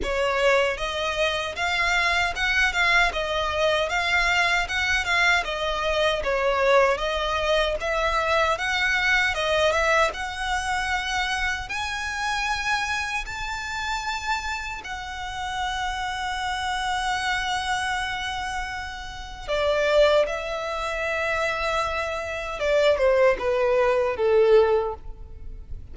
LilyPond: \new Staff \with { instrumentName = "violin" } { \time 4/4 \tempo 4 = 77 cis''4 dis''4 f''4 fis''8 f''8 | dis''4 f''4 fis''8 f''8 dis''4 | cis''4 dis''4 e''4 fis''4 | dis''8 e''8 fis''2 gis''4~ |
gis''4 a''2 fis''4~ | fis''1~ | fis''4 d''4 e''2~ | e''4 d''8 c''8 b'4 a'4 | }